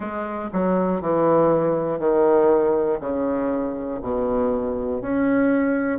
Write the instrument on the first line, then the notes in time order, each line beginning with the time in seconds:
bassoon
0.00 G#3
0.53 F#3
1.01 E3
1.99 D#3
3.00 C#3
4.01 B2
5.01 C#4